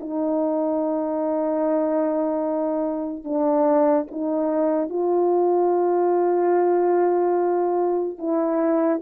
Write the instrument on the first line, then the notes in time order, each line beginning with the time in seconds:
horn
0.00 D#4
3.24 D4
4.11 D#4
4.89 F4
8.18 E4